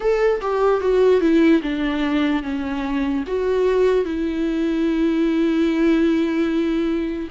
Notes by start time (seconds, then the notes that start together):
0.00 A4
0.41 G4
0.81 F#4
1.21 E4
1.62 D4
2.43 C#4
3.27 F#4
4.04 E4